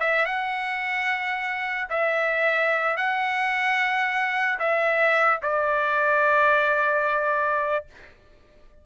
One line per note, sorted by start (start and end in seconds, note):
0.00 0.26 E5
0.26 1.88 F#5
1.90 2.97 E5
2.97 4.59 F#5
4.59 5.40 E5
5.42 7.86 D5